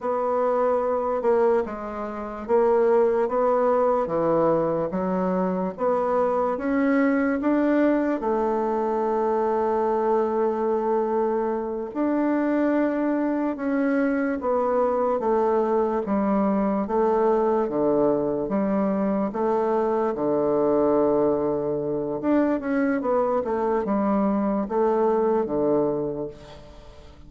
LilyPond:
\new Staff \with { instrumentName = "bassoon" } { \time 4/4 \tempo 4 = 73 b4. ais8 gis4 ais4 | b4 e4 fis4 b4 | cis'4 d'4 a2~ | a2~ a8 d'4.~ |
d'8 cis'4 b4 a4 g8~ | g8 a4 d4 g4 a8~ | a8 d2~ d8 d'8 cis'8 | b8 a8 g4 a4 d4 | }